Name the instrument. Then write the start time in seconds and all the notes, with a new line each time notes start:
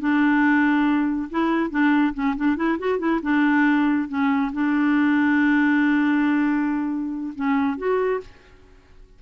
clarinet
0.00 D4
1.31 E4
1.71 D4
2.15 C#4
2.37 D4
2.57 E4
2.79 F#4
2.99 E4
3.23 D4
4.09 C#4
4.53 D4
7.36 C#4
7.78 F#4